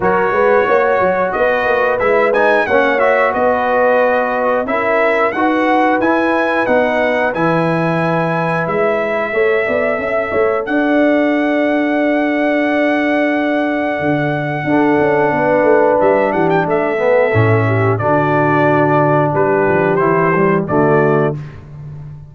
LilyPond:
<<
  \new Staff \with { instrumentName = "trumpet" } { \time 4/4 \tempo 4 = 90 cis''2 dis''4 e''8 gis''8 | fis''8 e''8 dis''2 e''4 | fis''4 gis''4 fis''4 gis''4~ | gis''4 e''2. |
fis''1~ | fis''1 | e''8 fis''16 g''16 e''2 d''4~ | d''4 b'4 c''4 d''4 | }
  \new Staff \with { instrumentName = "horn" } { \time 4/4 ais'8 b'8 cis''4 b'2 | cis''4 b'2 ais'4 | b'1~ | b'2 cis''8 d''8 e''8 cis''8 |
d''1~ | d''2 a'4 b'4~ | b'8 g'8 a'4. g'8 fis'4~ | fis'4 g'2 fis'4 | }
  \new Staff \with { instrumentName = "trombone" } { \time 4/4 fis'2. e'8 dis'8 | cis'8 fis'2~ fis'8 e'4 | fis'4 e'4 dis'4 e'4~ | e'2 a'2~ |
a'1~ | a'2 d'2~ | d'4. b8 cis'4 d'4~ | d'2 e'8 g8 a4 | }
  \new Staff \with { instrumentName = "tuba" } { \time 4/4 fis8 gis8 ais8 fis8 b8 ais8 gis4 | ais4 b2 cis'4 | dis'4 e'4 b4 e4~ | e4 gis4 a8 b8 cis'8 a8 |
d'1~ | d'4 d4 d'8 cis'8 b8 a8 | g8 e8 a4 a,4 d4~ | d4 g8 f8 e4 d4 | }
>>